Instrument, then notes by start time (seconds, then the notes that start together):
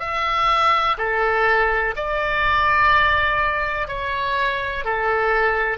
oboe
0.00 E5
0.98 A4
1.97 D5
3.88 C#5
4.85 A4